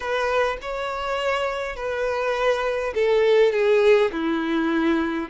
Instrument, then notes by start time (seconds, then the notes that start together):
violin
0.00 B4
0.61 C#5
1.76 B4
2.94 A4
3.52 G#4
4.11 E4